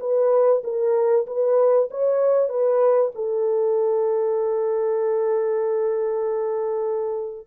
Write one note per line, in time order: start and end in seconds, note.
0.00 0.62 B4
0.64 1.27 A#4
1.27 1.89 B4
1.91 2.49 C#5
2.49 3.12 B4
3.16 7.48 A4